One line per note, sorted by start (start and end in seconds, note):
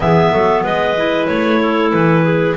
0.00 0.30 E3
0.00 0.96 B3
0.00 0.31 G#4
0.00 0.64 E5
0.31 0.63 F#3
0.31 0.63 A4
0.63 1.28 G#3
0.63 1.60 B4
0.63 1.27 D#5
0.97 2.56 E4
1.27 1.93 A3
1.27 1.91 C#5
1.60 2.23 A4
1.92 2.56 E3
1.92 2.56 B4
2.23 2.55 G#4